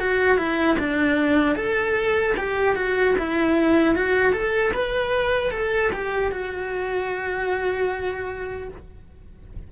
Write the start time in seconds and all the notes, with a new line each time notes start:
0.00 F#4
0.38 E4
0.79 D4
1.56 A4
2.38 G4
2.76 F#4
3.19 E4
3.95 F#4
4.33 A4
4.74 B4
5.52 A4
5.93 G4
6.32 F#4